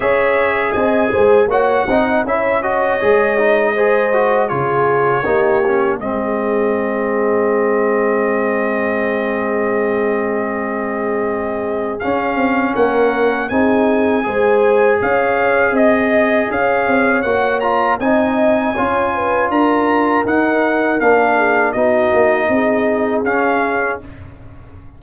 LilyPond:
<<
  \new Staff \with { instrumentName = "trumpet" } { \time 4/4 \tempo 4 = 80 e''4 gis''4 fis''4 e''8 dis''8~ | dis''2 cis''2 | dis''1~ | dis''1 |
f''4 fis''4 gis''2 | f''4 dis''4 f''4 fis''8 ais''8 | gis''2 ais''4 fis''4 | f''4 dis''2 f''4 | }
  \new Staff \with { instrumentName = "horn" } { \time 4/4 cis''4 dis''8 c''8 cis''8 dis''8 cis''4~ | cis''4 c''4 gis'4 g'4 | gis'1~ | gis'1~ |
gis'4 ais'4 gis'4 c''4 | cis''4 dis''4 cis''2 | dis''4 cis''8 b'8 ais'2~ | ais'8 gis'8 fis'4 gis'2 | }
  \new Staff \with { instrumentName = "trombone" } { \time 4/4 gis'2 fis'8 dis'8 e'8 fis'8 | gis'8 dis'8 gis'8 fis'8 f'4 dis'8 cis'8 | c'1~ | c'1 |
cis'2 dis'4 gis'4~ | gis'2. fis'8 f'8 | dis'4 f'2 dis'4 | d'4 dis'2 cis'4 | }
  \new Staff \with { instrumentName = "tuba" } { \time 4/4 cis'4 c'8 gis8 ais8 c'8 cis'4 | gis2 cis4 ais4 | gis1~ | gis1 |
cis'8 c'8 ais4 c'4 gis4 | cis'4 c'4 cis'8 c'8 ais4 | c'4 cis'4 d'4 dis'4 | ais4 b8 ais8 c'4 cis'4 | }
>>